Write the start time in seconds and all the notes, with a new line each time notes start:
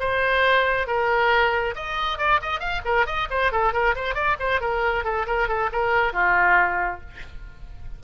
0.00 C5
0.87 A#4
1.76 D#5
2.19 D5
2.42 D#5
2.60 F5
2.85 A#4
3.07 D#5
3.30 C5
3.52 A4
3.73 A#4
3.96 C5
4.15 D5
4.40 C5
4.61 A#4
5.05 A4
5.27 A#4
5.48 A4
5.73 A#4
6.13 F4